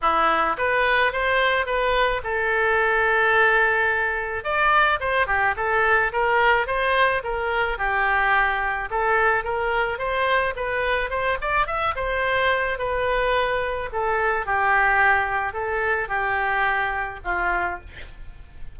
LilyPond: \new Staff \with { instrumentName = "oboe" } { \time 4/4 \tempo 4 = 108 e'4 b'4 c''4 b'4 | a'1 | d''4 c''8 g'8 a'4 ais'4 | c''4 ais'4 g'2 |
a'4 ais'4 c''4 b'4 | c''8 d''8 e''8 c''4. b'4~ | b'4 a'4 g'2 | a'4 g'2 f'4 | }